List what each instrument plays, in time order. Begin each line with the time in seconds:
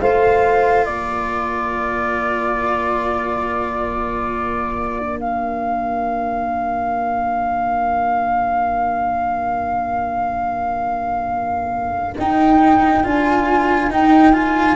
0.00 tuba A3, cello F4, saxophone C5, flute F5
0.84 tuba A#3, saxophone A#4, flute D5
4.99 cello D4
5.20 flute F5
12.18 tuba D#4, cello D#4, flute G5
13.03 tuba D4, cello F4, flute G#5
13.88 tuba D#4, cello D#4, flute G5
14.33 cello F4, flute G#5